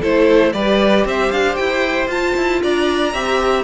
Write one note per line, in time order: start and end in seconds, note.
0.00 0.54 A3
0.00 0.53 E4
0.00 0.52 A4
0.00 0.53 C5
0.53 1.05 G3
0.53 2.08 G4
0.53 1.06 B4
0.53 1.04 D5
1.05 1.30 C4
1.05 2.62 C5
1.05 1.31 E5
1.31 1.57 D4
1.31 1.55 F5
1.55 2.07 E4
1.55 2.07 G5
2.07 2.33 F4
2.07 3.12 F4
2.07 2.62 A5
2.36 2.62 E4
2.62 3.13 D4
2.62 3.13 D5
2.62 3.64 A#5
3.13 3.64 C4
3.13 3.64 G4
3.13 3.64 E5